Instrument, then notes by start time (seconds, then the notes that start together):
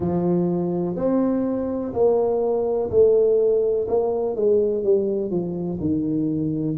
tuba
0.00 F3
0.96 C4
1.93 A#3
2.90 A3
3.88 A#3
4.35 G#3
4.83 G3
5.30 F3
5.80 D#3